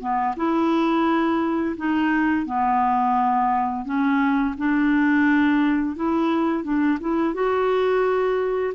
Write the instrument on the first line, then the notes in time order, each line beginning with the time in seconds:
clarinet
0.00 B3
0.36 E4
1.77 D#4
2.46 B3
3.85 C#4
4.58 D4
5.96 E4
6.63 D4
7.01 E4
7.34 F#4